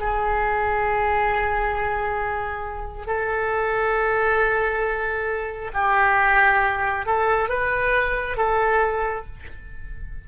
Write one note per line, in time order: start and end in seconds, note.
0.00 3.07 G#4
3.07 5.72 A4
5.74 7.06 G4
7.06 7.49 A4
7.49 8.37 B4
8.37 9.25 A4